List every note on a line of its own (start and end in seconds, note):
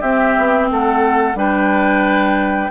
0.00 0.35 C4
0.00 1.35 C4
0.00 0.67 G4
0.00 0.68 E5
0.38 0.70 B3
0.70 1.35 A3
0.70 1.37 A4
0.70 1.38 F#5
1.35 2.69 G3
1.35 2.70 D4
1.35 2.71 B4
1.35 2.71 G5